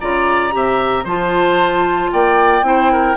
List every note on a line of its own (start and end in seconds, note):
0.00 0.54 C#3
0.00 0.52 F4
0.00 0.54 D5
0.00 1.06 A#5
0.52 1.05 C3
0.52 1.05 G4
0.52 1.05 E5
1.05 2.11 F3
1.05 2.63 F4
1.05 2.11 C5
1.05 2.12 A5
2.12 2.63 A#3
2.12 2.66 D5
2.12 3.18 G5
2.63 3.16 C4
2.63 3.17 E4
2.63 2.92 C5
2.92 3.18 A#4